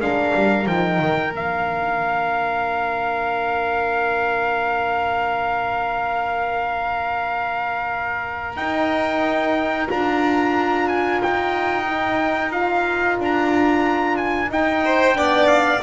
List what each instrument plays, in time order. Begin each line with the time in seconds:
0.00 double bass G#3, horn D4, violin A#4, trumpet F5
0.34 double bass G3
0.66 double bass F3, horn D#4, trumpet G5
0.99 double bass D#3
1.32 double bass A#3, horn D4, trumpet F5
8.56 horn D#4, double bass D#4, trumpet G5
9.87 double bass D4, horn F4, trumpet A#5
10.88 trumpet G#5
11.22 double bass D#4, trumpet G5
11.87 horn D#4
12.51 horn F4, trumpet F5
13.19 double bass D4, trumpet A#5
14.16 trumpet G#5
14.49 horn D#4, double bass D#4, trumpet G5
14.84 violin C5
15.14 double bass B3, horn D4, violin D5
15.47 trumpet F5